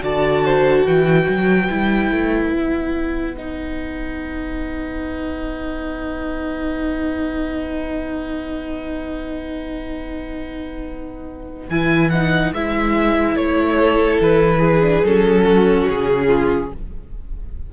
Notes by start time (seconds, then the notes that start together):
0.00 D3 F#4 D5 A5
0.44 C5
0.85 E3 B4 G5
1.28 F#3
1.69 G3 E4
2.10 A3
2.52 B3 F#5
3.36 D#4
11.69 E3 E4 G#5
12.10 D#4 F#5
12.53 G#3 E4 E5
13.35 A3 C#5
13.78 A4
14.20 E3 B4
14.58 G#4
14.81 D4
15.02 F#3 C#4 A4
15.44 F#4
15.88 C#3 G#4
16.27 F4